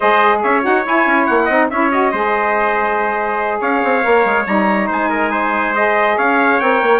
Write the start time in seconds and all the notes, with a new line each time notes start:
0.00 G#3 G#4 C5 D#5
0.42 C#4 C#5 E5
0.61 D#4 F#4 F#5
0.86 E4 G#5
1.06 C#4
1.26 A#3 F#5
1.44 C4 D#4 D#5
1.70 C#4 E4 C#5 E5
1.91 F#4 D#5
2.11 G#3 G#4 C5
3.60 C#4 C#5 F5
3.83 C4
4.02 A#3 A#4
4.25 G#3
4.46 G3 D#4 A#5
4.87 G#3 C5 G#5
5.09 A#4
5.31 C5
5.75 G#4 D#5
6.16 C#4 C#5 F5
6.60 C4 A#4 G5
6.82 A#3